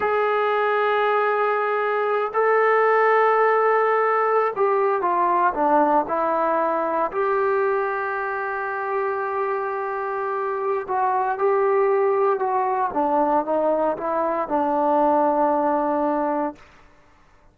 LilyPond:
\new Staff \with { instrumentName = "trombone" } { \time 4/4 \tempo 4 = 116 gis'1~ | gis'8 a'2.~ a'8~ | a'8. g'4 f'4 d'4 e'16~ | e'4.~ e'16 g'2~ g'16~ |
g'1~ | g'4 fis'4 g'2 | fis'4 d'4 dis'4 e'4 | d'1 | }